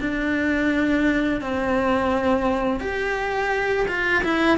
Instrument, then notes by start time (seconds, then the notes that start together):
cello
0.00 D4
1.41 C4
2.80 G4
3.88 F4
4.24 E4